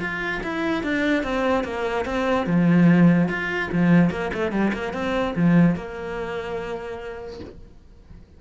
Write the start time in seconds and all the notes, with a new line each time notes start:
0.00 F4
0.43 E4
0.83 D4
1.23 C4
1.64 A#3
2.05 C4
2.46 F3
3.28 F4
3.72 F3
4.10 A#3
4.33 A3
4.51 G3
4.73 A#3
4.93 C4
5.36 F3
5.75 A#3